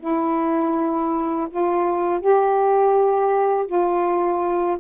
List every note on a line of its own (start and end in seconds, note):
0.00 1.48 E4
1.51 2.21 F4
2.21 3.67 G4
3.67 4.78 F4